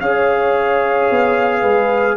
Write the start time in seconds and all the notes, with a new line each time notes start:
0.00 C#4 G#4 C#5 F5
1.10 B3
1.60 G#3 B4